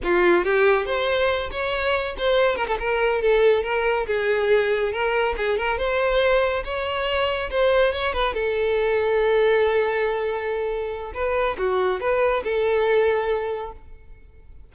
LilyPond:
\new Staff \with { instrumentName = "violin" } { \time 4/4 \tempo 4 = 140 f'4 g'4 c''4. cis''8~ | cis''4 c''4 ais'16 a'16 ais'4 a'8~ | a'8 ais'4 gis'2 ais'8~ | ais'8 gis'8 ais'8 c''2 cis''8~ |
cis''4. c''4 cis''8 b'8 a'8~ | a'1~ | a'2 b'4 fis'4 | b'4 a'2. | }